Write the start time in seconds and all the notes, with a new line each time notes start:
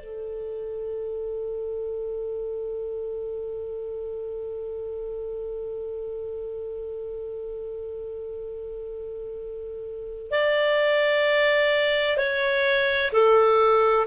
0.00 A4
10.31 D5
12.17 C#5
13.12 A4